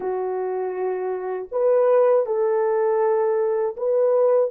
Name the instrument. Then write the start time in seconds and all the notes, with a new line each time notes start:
horn
0.00 F#4
1.51 B4
2.26 A4
3.77 B4